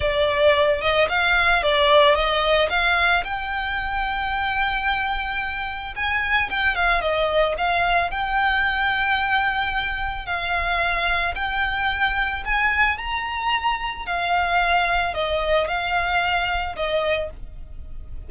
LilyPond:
\new Staff \with { instrumentName = "violin" } { \time 4/4 \tempo 4 = 111 d''4. dis''8 f''4 d''4 | dis''4 f''4 g''2~ | g''2. gis''4 | g''8 f''8 dis''4 f''4 g''4~ |
g''2. f''4~ | f''4 g''2 gis''4 | ais''2 f''2 | dis''4 f''2 dis''4 | }